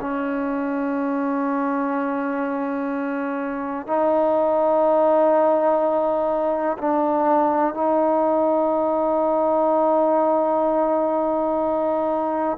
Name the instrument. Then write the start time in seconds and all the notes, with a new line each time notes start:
trombone
0.00 C#4
3.87 D#4
6.77 D4
7.74 D#4